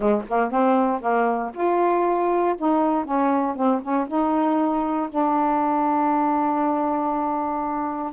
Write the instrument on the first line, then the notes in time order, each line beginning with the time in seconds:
saxophone
0.00 G#3
0.28 A#3
0.51 C4
1.00 A#3
1.53 F4
2.57 D#4
3.04 C#4
3.55 C4
3.82 C#4
4.07 D#4
5.09 D4